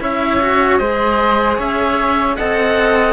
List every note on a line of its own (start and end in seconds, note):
0.00 0.79 C#4
0.00 0.40 E4
0.00 0.80 C#5
0.00 0.77 E5
0.41 0.80 F#4
0.77 1.58 G#3
0.77 2.38 G#4
0.77 1.57 C5
0.77 1.56 D#5
1.57 2.37 C#4
1.57 2.36 C#5
1.57 2.36 E5
2.36 3.13 C4
2.36 3.13 A4
2.36 3.13 D#5
2.36 3.13 F#5